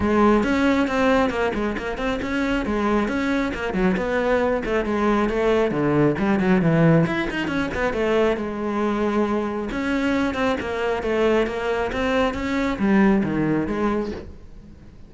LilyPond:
\new Staff \with { instrumentName = "cello" } { \time 4/4 \tempo 4 = 136 gis4 cis'4 c'4 ais8 gis8 | ais8 c'8 cis'4 gis4 cis'4 | ais8 fis8 b4. a8 gis4 | a4 d4 g8 fis8 e4 |
e'8 dis'8 cis'8 b8 a4 gis4~ | gis2 cis'4. c'8 | ais4 a4 ais4 c'4 | cis'4 g4 dis4 gis4 | }